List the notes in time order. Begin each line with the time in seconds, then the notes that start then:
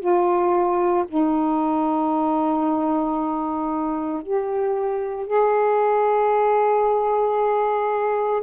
0.00 F4
1.08 D#4
4.23 G4
5.27 G#4